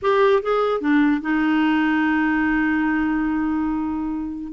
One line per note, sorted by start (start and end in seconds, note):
0.02 0.42 G4
0.42 0.81 G#4
0.81 1.21 D4
1.21 4.53 D#4